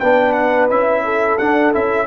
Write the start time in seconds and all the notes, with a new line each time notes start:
0.00 B3 D4 B4 G5
0.32 F#5
0.70 C#4 E4 E5
1.05 A4
1.38 D4 F#5
1.73 C#4 E4 E5